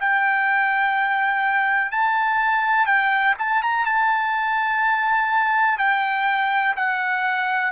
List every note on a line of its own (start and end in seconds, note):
0.00 1.91 G5
1.91 2.86 A5
2.86 3.35 G5
3.39 3.62 A5
3.62 3.85 A#5
3.85 5.78 A5
5.78 6.75 G5
6.77 7.72 F#5